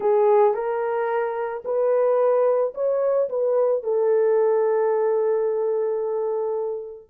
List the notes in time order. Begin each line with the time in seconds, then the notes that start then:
0.00 G#4
0.54 A#4
1.64 B4
2.74 C#5
3.29 B4
3.83 A4